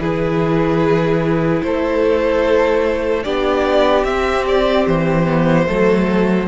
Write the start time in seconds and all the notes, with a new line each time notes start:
0.00 E3 E4 G#4 B4
1.63 A3 A4 C5
3.24 B3 D4 G4 D5
4.05 C4 E5
4.47 D5
4.87 E3 C5
5.27 B3
5.67 F#3 A3 A4